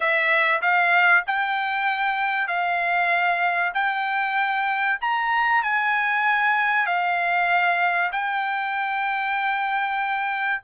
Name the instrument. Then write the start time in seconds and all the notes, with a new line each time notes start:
trumpet
0.00 E5
0.61 F5
1.26 G5
2.47 F5
3.74 G5
5.01 A#5
5.62 G#5
6.86 F5
8.12 G5